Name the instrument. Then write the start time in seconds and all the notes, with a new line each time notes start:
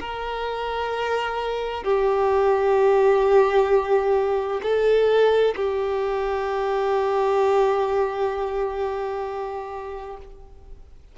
violin
0.00 A#4
1.84 G4
4.62 A4
5.56 G4